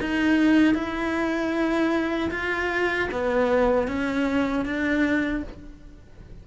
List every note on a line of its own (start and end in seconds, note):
0.00 0.74 D#4
0.74 2.30 E4
2.31 3.09 F4
3.12 3.87 B3
3.87 4.65 C#4
4.65 5.43 D4